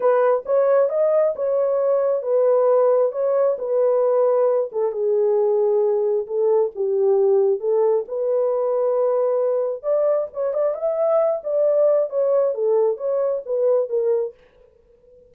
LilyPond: \new Staff \with { instrumentName = "horn" } { \time 4/4 \tempo 4 = 134 b'4 cis''4 dis''4 cis''4~ | cis''4 b'2 cis''4 | b'2~ b'8 a'8 gis'4~ | gis'2 a'4 g'4~ |
g'4 a'4 b'2~ | b'2 d''4 cis''8 d''8 | e''4. d''4. cis''4 | a'4 cis''4 b'4 ais'4 | }